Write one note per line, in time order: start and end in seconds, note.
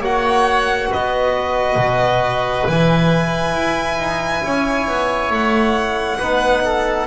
0.00 0.88 A#3
0.00 2.68 F#4
0.00 0.89 C#5
0.00 0.93 F#5
0.91 1.76 B3
0.91 4.44 B4
0.91 2.68 D#5
1.76 2.64 B2
2.68 3.54 E3
2.68 6.22 E4
2.68 5.32 G#5
3.54 3.98 E4
3.98 4.42 D#4
4.44 4.88 C#4
4.44 6.18 C#5
4.88 5.30 B3
5.30 6.19 A3
5.30 7.08 F#5
6.18 7.08 B3
6.18 7.08 D#4
6.18 6.62 B4
6.65 7.08 A4